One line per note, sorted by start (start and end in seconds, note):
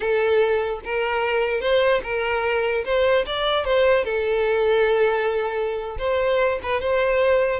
0.00 0.80 A4
0.84 1.60 A#4
1.60 2.01 C5
2.03 2.84 A#4
2.84 3.25 C5
3.26 3.64 D5
3.64 4.04 C5
4.04 5.97 A4
5.98 6.59 C5
6.62 6.81 B4
6.81 7.60 C5